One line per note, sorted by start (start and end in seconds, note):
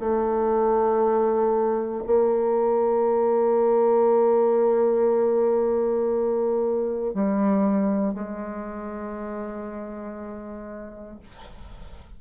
0.00 2.03 A3
2.07 7.14 A#3
7.14 8.14 G3
8.14 11.20 G#3